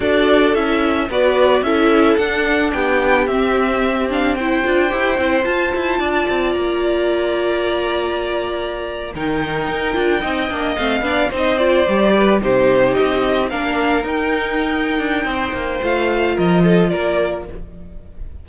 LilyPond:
<<
  \new Staff \with { instrumentName = "violin" } { \time 4/4 \tempo 4 = 110 d''4 e''4 d''4 e''4 | fis''4 g''4 e''4. f''8 | g''2 a''2 | ais''1~ |
ais''8. g''2. f''16~ | f''8. dis''8 d''4. c''4 dis''16~ | dis''8. f''4 g''2~ g''16~ | g''4 f''4 dis''4 d''4 | }
  \new Staff \with { instrumentName = "violin" } { \time 4/4 a'2 b'4 a'4~ | a'4 g'2. | c''2. d''4~ | d''1~ |
d''8. ais'2 dis''4~ dis''16~ | dis''16 d''8 c''4. b'8 g'4~ g'16~ | g'8. ais'2.~ ais'16 | c''2 ais'8 a'8 ais'4 | }
  \new Staff \with { instrumentName = "viola" } { \time 4/4 fis'4 e'4 fis'4 e'4 | d'2 c'4. d'8 | e'8 f'8 g'8 e'8 f'2~ | f'1~ |
f'8. dis'4. f'8 dis'8 d'8 c'16~ | c'16 d'8 dis'8 f'8 g'4 dis'4~ dis'16~ | dis'8. d'4 dis'2~ dis'16~ | dis'4 f'2. | }
  \new Staff \with { instrumentName = "cello" } { \time 4/4 d'4 cis'4 b4 cis'4 | d'4 b4 c'2~ | c'8 d'8 e'8 c'8 f'8 e'8 d'8 c'8 | ais1~ |
ais8. dis4 dis'8 d'8 c'8 ais8 a16~ | a16 b8 c'4 g4 c4 c'16~ | c'8. ais4 dis'4.~ dis'16 d'8 | c'8 ais8 a4 f4 ais4 | }
>>